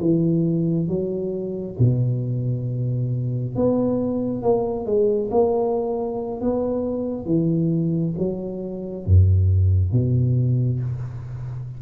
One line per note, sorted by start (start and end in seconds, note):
0.00 0.87 E3
0.87 1.76 F#3
1.79 3.55 B2
3.55 4.42 B3
4.42 4.85 A#3
4.85 5.29 G#3
5.30 6.41 A#3
6.41 7.26 B3
7.26 8.14 E3
8.18 9.06 F#3
9.06 9.91 F#2
9.91 10.80 B2